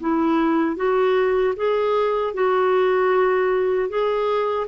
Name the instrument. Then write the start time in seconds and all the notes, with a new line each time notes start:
clarinet
0.00 E4
0.76 F#4
1.56 G#4
2.33 F#4
3.89 G#4